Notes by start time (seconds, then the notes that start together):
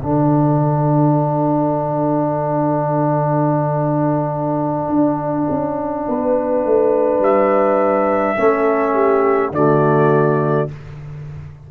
0.00 D3 D4 A4 F#5
4.90 D4
5.50 C#4
6.08 B3 B4
6.65 A3
7.20 G3 E5
8.37 A3 C#4 A4
8.94 G4
9.52 D3 A3 F#4 D5